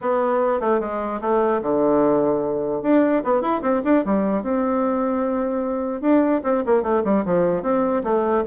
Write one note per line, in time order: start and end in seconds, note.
0.01 0.60 B3
0.60 0.80 A3
0.80 1.20 G#3
1.21 1.61 A3
1.62 2.82 D3
2.82 3.22 D4
3.23 3.41 B3
3.41 3.61 E4
3.62 3.82 C4
3.84 4.04 D4
4.05 4.42 G3
4.42 6.01 C4
6.01 6.41 D4
6.43 6.63 C4
6.66 6.82 A#3
6.82 7.02 A3
7.04 7.24 G3
7.25 7.62 F3
7.62 8.02 C4
8.03 8.44 A3